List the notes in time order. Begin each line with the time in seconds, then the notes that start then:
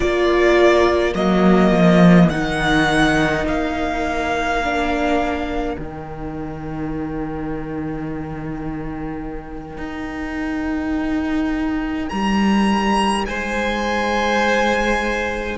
0.00 A#3 F4 A#4 D5
1.14 F#3 A#3 D#5
1.71 F3
2.29 D#3 D#4 F#5
3.45 A#3 F5
4.62 D4
5.77 D#3 D#4 G5
9.77 D#4
12.09 G3 A#5
13.25 G#3 C5 G#5